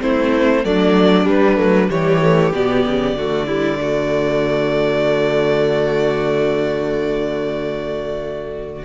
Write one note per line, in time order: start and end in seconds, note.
0.00 0.64 A3
0.00 0.63 C4
0.00 0.65 E4
0.00 0.65 C5
0.63 1.26 F#3
0.63 1.23 A3
0.63 1.91 D4
0.63 1.28 D5
1.23 1.55 G3
1.23 1.58 G3
1.23 1.89 B4
1.56 1.89 F#3
1.56 1.87 A3
1.89 2.52 E3
1.89 2.21 G3
1.89 3.17 G4
1.89 2.53 C#5
2.21 2.53 A3
2.52 2.84 B2
2.52 3.17 B3
2.52 8.84 D5
2.85 3.15 C#3
3.15 8.83 D3
3.15 3.47 A3
3.15 3.46 F#4
3.46 3.77 G3
3.46 3.78 E4
3.77 8.83 A3
3.77 8.84 F#4